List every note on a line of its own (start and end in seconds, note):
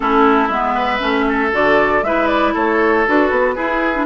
0.00 0.49 A3
0.00 0.50 C#4
0.00 0.74 E4
0.00 0.48 A4
0.48 1.00 G#3
0.48 0.99 B3
0.48 1.50 E5
0.74 1.25 B4
0.99 1.52 A3
0.99 1.50 C#4
1.28 2.04 A4
1.52 2.02 D3
1.52 2.03 F#4
1.52 2.03 D5
2.02 2.53 G#3
2.02 3.06 E4
2.02 2.53 B4
2.02 2.27 E5
2.27 2.52 D5
2.53 3.07 A3
2.53 3.55 A4
2.53 3.06 C#5
3.06 3.31 D4
3.06 3.56 F#4
3.06 4.05 B4
3.31 3.56 B3
3.55 3.94 E4
3.55 4.05 E4
3.55 4.05 G#4
3.94 4.05 D4